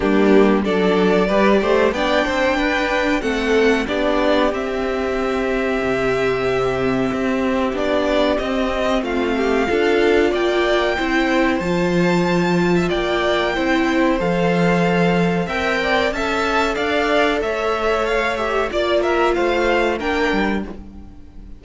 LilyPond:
<<
  \new Staff \with { instrumentName = "violin" } { \time 4/4 \tempo 4 = 93 g'4 d''2 g''4~ | g''4 fis''4 d''4 e''4~ | e''1 | d''4 dis''4 f''2 |
g''2 a''2 | g''2 f''2 | g''4 a''4 f''4 e''4 | f''8 e''8 d''8 e''8 f''4 g''4 | }
  \new Staff \with { instrumentName = "violin" } { \time 4/4 d'4 a'4 b'8 c''8 d''8 c''8 | b'4 a'4 g'2~ | g'1~ | g'2 f'8 g'8 a'4 |
d''4 c''2~ c''8. e''16 | d''4 c''2. | e''8 d''8 e''4 d''4 cis''4~ | cis''4 d''8 ais'8 c''4 ais'4 | }
  \new Staff \with { instrumentName = "viola" } { \time 4/4 ais4 d'4 g'4 d'4~ | d'4 c'4 d'4 c'4~ | c'1 | d'4 c'2 f'4~ |
f'4 e'4 f'2~ | f'4 e'4 a'2 | ais'4 a'2.~ | a'8 g'8 f'2 d'4 | }
  \new Staff \with { instrumentName = "cello" } { \time 4/4 g4 fis4 g8 a8 b8 c'8 | d'4 a4 b4 c'4~ | c'4 c2 c'4 | b4 c'4 a4 d'4 |
ais4 c'4 f2 | ais4 c'4 f2 | c'4 cis'4 d'4 a4~ | a4 ais4 a4 ais8 g8 | }
>>